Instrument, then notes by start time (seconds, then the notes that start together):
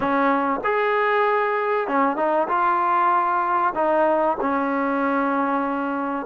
trombone
0.00 C#4
0.63 G#4
1.87 C#4
2.16 D#4
2.48 F4
3.74 D#4
4.40 C#4